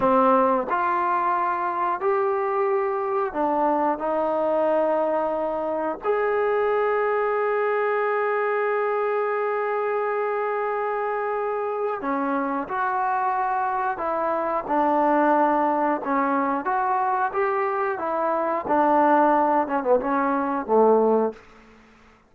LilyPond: \new Staff \with { instrumentName = "trombone" } { \time 4/4 \tempo 4 = 90 c'4 f'2 g'4~ | g'4 d'4 dis'2~ | dis'4 gis'2.~ | gis'1~ |
gis'2 cis'4 fis'4~ | fis'4 e'4 d'2 | cis'4 fis'4 g'4 e'4 | d'4. cis'16 b16 cis'4 a4 | }